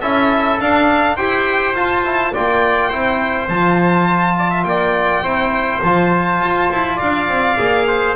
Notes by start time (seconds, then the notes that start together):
0.00 C#4 E4 A4 E5
0.60 D4 F5
1.16 E4 G4 C5 G5
1.74 F4 A5
2.04 E4
2.33 A#3 F4 D5 G5
2.89 C4 E4 C5
3.48 F3 F4 A5
4.38 D5
4.50 E5
4.63 A#3 D5 G5
5.21 C4 E4 C5
5.83 F3 F4 A5
6.40 F4
6.71 E4
6.96 D4 D5 F5
7.28 C4
7.58 A#3 G#4
7.87 C5